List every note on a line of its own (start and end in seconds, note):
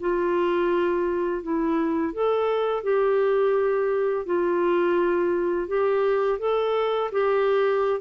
0.00 1.42 F4
1.42 2.13 E4
2.13 2.83 A4
2.83 4.26 G4
4.26 5.68 F4
5.68 6.39 G4
6.39 7.10 A4
7.12 8.00 G4